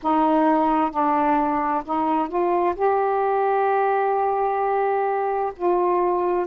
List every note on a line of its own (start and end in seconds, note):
0.02 0.91 D#4
0.91 1.83 D4
1.84 2.28 D#4
2.28 2.74 F4
2.75 5.52 G4
5.56 6.46 F4